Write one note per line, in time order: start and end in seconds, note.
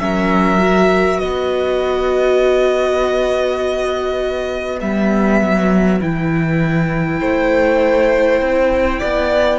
0.00 1.22 F#3
0.00 0.59 C#4
0.00 1.20 A#4
0.00 1.19 E5
0.59 4.79 F#4
1.19 4.82 B3
1.19 7.20 B4
1.19 4.79 D#5
4.81 5.41 G3
4.81 6.00 B3
4.81 6.01 E5
5.41 6.01 F#3
6.00 7.21 E3
6.00 9.59 E4
6.00 9.59 G5
7.21 8.41 A3
7.21 8.99 C5
8.41 9.01 C4
8.99 9.59 B3
8.99 9.59 D5